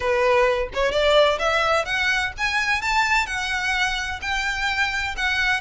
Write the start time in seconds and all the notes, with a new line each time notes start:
0.00 B4
0.73 C#5
0.91 D5
1.38 E5
1.85 F#5
2.37 G#5
2.81 A5
3.26 F#5
4.21 G5
5.16 F#5